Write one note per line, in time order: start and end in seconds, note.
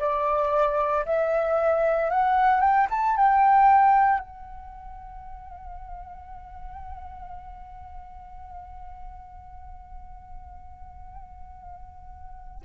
0.00 1.05 D5
1.06 2.11 E5
2.11 2.61 F#5
2.61 2.87 G5
2.90 3.17 A5
3.17 4.20 G5
4.20 12.62 F#5